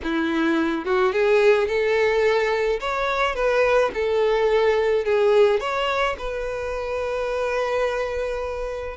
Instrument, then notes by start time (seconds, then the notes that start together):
violin
0.03 E4
0.85 F#4
1.12 G#4
1.67 A4
2.80 C#5
3.35 B4
3.94 A4
5.04 G#4
5.59 C#5
6.18 B4